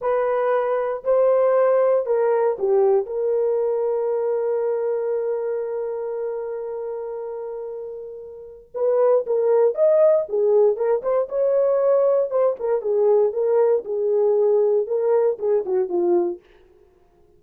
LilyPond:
\new Staff \with { instrumentName = "horn" } { \time 4/4 \tempo 4 = 117 b'2 c''2 | ais'4 g'4 ais'2~ | ais'1~ | ais'1~ |
ais'4 b'4 ais'4 dis''4 | gis'4 ais'8 c''8 cis''2 | c''8 ais'8 gis'4 ais'4 gis'4~ | gis'4 ais'4 gis'8 fis'8 f'4 | }